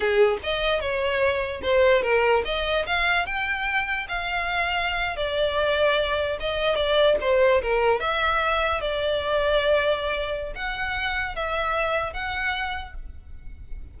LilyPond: \new Staff \with { instrumentName = "violin" } { \time 4/4 \tempo 4 = 148 gis'4 dis''4 cis''2 | c''4 ais'4 dis''4 f''4 | g''2 f''2~ | f''8. d''2. dis''16~ |
dis''8. d''4 c''4 ais'4 e''16~ | e''4.~ e''16 d''2~ d''16~ | d''2 fis''2 | e''2 fis''2 | }